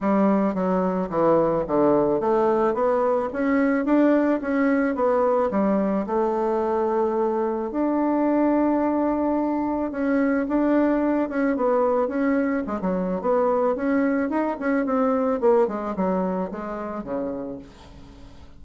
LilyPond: \new Staff \with { instrumentName = "bassoon" } { \time 4/4 \tempo 4 = 109 g4 fis4 e4 d4 | a4 b4 cis'4 d'4 | cis'4 b4 g4 a4~ | a2 d'2~ |
d'2 cis'4 d'4~ | d'8 cis'8 b4 cis'4 gis16 fis8. | b4 cis'4 dis'8 cis'8 c'4 | ais8 gis8 fis4 gis4 cis4 | }